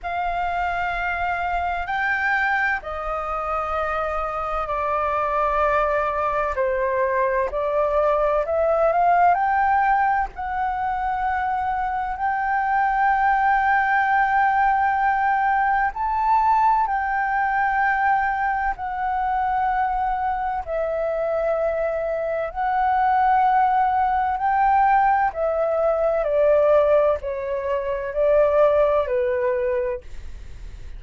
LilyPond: \new Staff \with { instrumentName = "flute" } { \time 4/4 \tempo 4 = 64 f''2 g''4 dis''4~ | dis''4 d''2 c''4 | d''4 e''8 f''8 g''4 fis''4~ | fis''4 g''2.~ |
g''4 a''4 g''2 | fis''2 e''2 | fis''2 g''4 e''4 | d''4 cis''4 d''4 b'4 | }